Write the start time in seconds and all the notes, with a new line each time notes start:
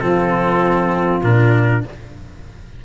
0.00 F3 C4 F4 A4
1.23 A#2 D4 A#4